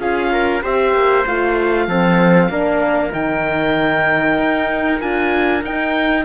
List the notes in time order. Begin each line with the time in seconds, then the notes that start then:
0.00 C#4 F4 G#4 F5
0.33 A#4
0.63 C4 G4 C5 E5
0.94 A#3
1.27 A3 F4 F5
1.88 F3 C4 A4
2.50 A#3 D4 A#4
3.11 D#3 D#4 G5
4.39 D#4
5.00 D4 F4 G#5
5.64 D#4 G5